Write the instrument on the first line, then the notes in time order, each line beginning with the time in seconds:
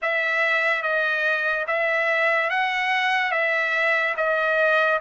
trumpet
0.02 E5
0.82 D#5
1.67 E5
2.50 F#5
3.31 E5
4.16 D#5